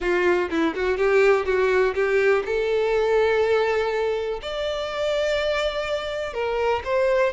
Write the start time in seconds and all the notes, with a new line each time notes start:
0.00 F4
0.50 E4
0.75 F#4
0.97 G4
1.45 F#4
1.94 G4
2.45 A4
4.42 D5
6.33 A#4
6.84 C5